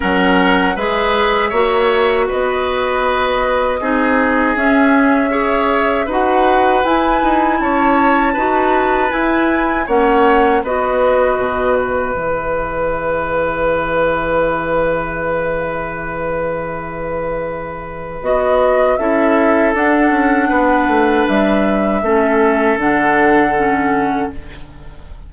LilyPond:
<<
  \new Staff \with { instrumentName = "flute" } { \time 4/4 \tempo 4 = 79 fis''4 e''2 dis''4~ | dis''2 e''2 | fis''4 gis''4 a''2 | gis''4 fis''4 dis''4. e''8~ |
e''1~ | e''1 | dis''4 e''4 fis''2 | e''2 fis''2 | }
  \new Staff \with { instrumentName = "oboe" } { \time 4/4 ais'4 b'4 cis''4 b'4~ | b'4 gis'2 cis''4 | b'2 cis''4 b'4~ | b'4 cis''4 b'2~ |
b'1~ | b'1~ | b'4 a'2 b'4~ | b'4 a'2. | }
  \new Staff \with { instrumentName = "clarinet" } { \time 4/4 cis'4 gis'4 fis'2~ | fis'4 dis'4 cis'4 gis'4 | fis'4 e'2 fis'4 | e'4 cis'4 fis'2 |
gis'1~ | gis'1 | fis'4 e'4 d'2~ | d'4 cis'4 d'4 cis'4 | }
  \new Staff \with { instrumentName = "bassoon" } { \time 4/4 fis4 gis4 ais4 b4~ | b4 c'4 cis'2 | dis'4 e'8 dis'8 cis'4 dis'4 | e'4 ais4 b4 b,4 |
e1~ | e1 | b4 cis'4 d'8 cis'8 b8 a8 | g4 a4 d2 | }
>>